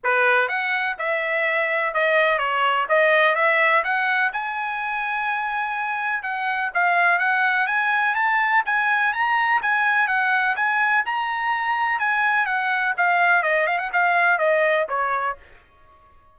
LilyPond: \new Staff \with { instrumentName = "trumpet" } { \time 4/4 \tempo 4 = 125 b'4 fis''4 e''2 | dis''4 cis''4 dis''4 e''4 | fis''4 gis''2.~ | gis''4 fis''4 f''4 fis''4 |
gis''4 a''4 gis''4 ais''4 | gis''4 fis''4 gis''4 ais''4~ | ais''4 gis''4 fis''4 f''4 | dis''8 f''16 fis''16 f''4 dis''4 cis''4 | }